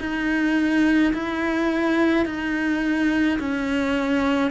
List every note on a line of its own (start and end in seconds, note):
0.00 1.13 D#4
1.14 2.26 E4
2.26 3.39 D#4
3.40 4.51 C#4